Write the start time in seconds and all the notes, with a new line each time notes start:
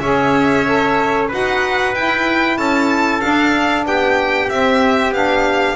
0.00 C#4 G#4 C#5 E5
0.66 A4
1.28 D#4 F#4 B4 F#5
1.95 E4 G5
2.57 C#4 A4 A5
3.20 D4 F5
3.86 B3 G4 G5
4.49 C4 E5
5.12 B3 D4 F5